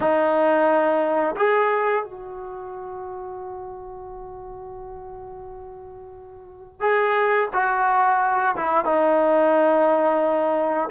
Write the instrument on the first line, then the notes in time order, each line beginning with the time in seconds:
trombone
0.00 D#4
1.36 G#4
2.04 F#4
6.80 G#4
7.53 F#4
8.56 E4
8.85 D#4